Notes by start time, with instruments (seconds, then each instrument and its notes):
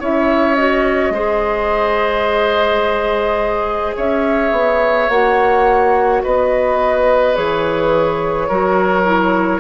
0.00 bassoon C#4, clarinet E4, oboe C#5, flute E5
0.55 clarinet F#4, flute D#5
1.10 bassoon G#3, clarinet G#4, oboe C5
3.96 bassoon C#4, oboe C#5, flute E5
4.52 bassoon B3
5.09 bassoon A#3, clarinet F#4, flute F#5
6.23 bassoon B3, oboe B4, flute D#5
7.35 bassoon E3, clarinet G#4, flute C#5
8.48 bassoon F#3, clarinet F#4, oboe A#4
9.05 clarinet E4